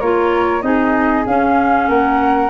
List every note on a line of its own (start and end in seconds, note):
0.00 0.62 A#3
0.00 0.61 F4
0.00 0.62 A#4
0.00 0.62 C#5
0.61 1.25 C4
0.61 1.23 D#4
0.61 1.88 G#4
0.61 1.24 D#5
1.26 1.88 C#4
1.26 2.49 C#4
1.26 1.89 F5
1.88 2.49 A#3
1.88 2.49 A#4
1.88 2.49 F#5